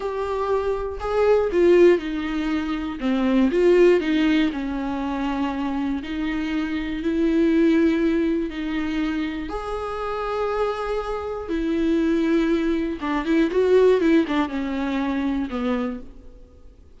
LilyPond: \new Staff \with { instrumentName = "viola" } { \time 4/4 \tempo 4 = 120 g'2 gis'4 f'4 | dis'2 c'4 f'4 | dis'4 cis'2. | dis'2 e'2~ |
e'4 dis'2 gis'4~ | gis'2. e'4~ | e'2 d'8 e'8 fis'4 | e'8 d'8 cis'2 b4 | }